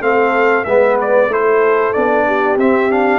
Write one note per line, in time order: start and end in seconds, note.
0.00 0.64 A3
0.00 0.65 C4
0.00 0.66 A4
0.00 0.64 F5
0.64 1.28 G#3
0.64 1.30 B3
0.64 1.30 B4
0.64 0.96 E5
1.01 1.33 D5
1.28 1.92 A3
1.28 1.94 E4
1.28 2.26 A4
1.28 1.93 C5
1.93 2.57 B3
1.93 2.58 D4
1.93 2.57 D5
2.26 3.19 G4
2.57 3.19 C4
2.57 2.90 C4
2.57 2.91 E5
2.90 3.19 D4
2.90 3.19 F5